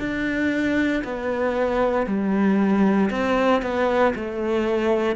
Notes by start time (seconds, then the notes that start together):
0.00 D4
1.04 B3
2.07 G3
3.11 C4
3.63 B3
4.16 A3